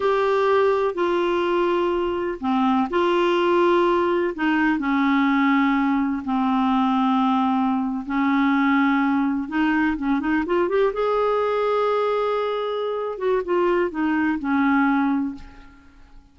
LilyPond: \new Staff \with { instrumentName = "clarinet" } { \time 4/4 \tempo 4 = 125 g'2 f'2~ | f'4 c'4 f'2~ | f'4 dis'4 cis'2~ | cis'4 c'2.~ |
c'8. cis'2. dis'16~ | dis'8. cis'8 dis'8 f'8 g'8 gis'4~ gis'16~ | gis'2.~ gis'8 fis'8 | f'4 dis'4 cis'2 | }